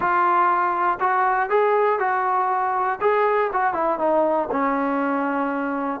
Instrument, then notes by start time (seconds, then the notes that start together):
trombone
0.00 F4
1.00 F#4
1.49 G#4
1.99 F#4
3.00 G#4
3.52 F#4
3.73 E4
3.98 D#4
4.51 C#4